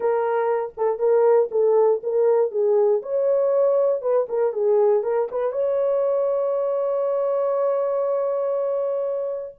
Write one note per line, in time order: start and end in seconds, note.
0.00 0.72 A#4
0.77 0.98 A4
0.98 1.49 A#4
1.51 2.01 A4
2.03 2.51 A#4
2.51 3.01 G#4
3.02 4.01 C#5
4.01 4.27 B4
4.29 4.52 A#4
4.52 5.03 G#4
5.03 5.28 A#4
5.31 5.52 B4
5.52 9.55 C#5